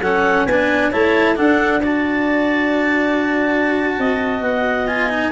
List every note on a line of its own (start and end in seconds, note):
0.00 0.45 F#3
0.00 0.48 C#4
0.00 0.46 A4
0.00 0.46 F#5
0.45 0.91 B3
0.45 0.92 D4
0.45 0.90 B4
0.45 0.91 G#5
0.90 1.39 A3
0.90 1.35 E4
0.90 1.35 C#5
0.90 1.36 A5
1.35 1.81 D4
1.35 3.98 D4
1.35 1.80 A4
1.35 1.82 F#5
1.80 4.87 F#4
1.80 3.94 D5
1.80 4.42 A5
3.98 4.40 C4
3.98 5.31 D#5
4.40 5.30 B3
4.40 4.87 F#5
4.87 5.09 F4
4.87 5.31 G#5
5.09 5.31 D#4